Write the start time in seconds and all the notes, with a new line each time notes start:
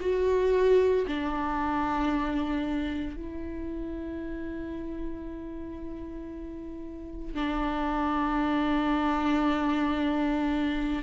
0.00 F#4
1.07 D4
3.16 E4
7.34 D4